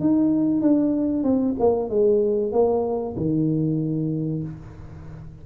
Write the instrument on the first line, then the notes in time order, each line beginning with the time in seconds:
tuba
0.00 D#4
0.61 D4
1.23 C4
1.60 A#3
1.89 G#3
2.52 A#3
3.17 D#3